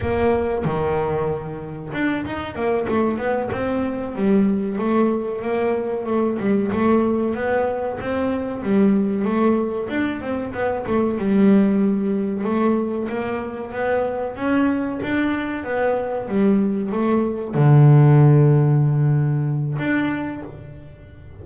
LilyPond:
\new Staff \with { instrumentName = "double bass" } { \time 4/4 \tempo 4 = 94 ais4 dis2 d'8 dis'8 | ais8 a8 b8 c'4 g4 a8~ | a8 ais4 a8 g8 a4 b8~ | b8 c'4 g4 a4 d'8 |
c'8 b8 a8 g2 a8~ | a8 ais4 b4 cis'4 d'8~ | d'8 b4 g4 a4 d8~ | d2. d'4 | }